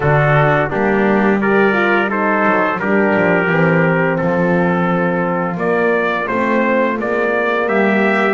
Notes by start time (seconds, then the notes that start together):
0.00 D3 D4 F#4 A4
0.69 G3 A#3 D4 G4
1.40 G4 A#4 D5
1.72 F4
2.08 D#4 A4 C5
2.45 F#3
2.79 G3 D4 G4 A#4
3.15 F3
3.47 E3 C4
4.16 F3 F4 A4
5.56 A#3 D5
6.27 A3 C4 C5
6.96 G#3 A#3 D5
7.67 G3 G4 E5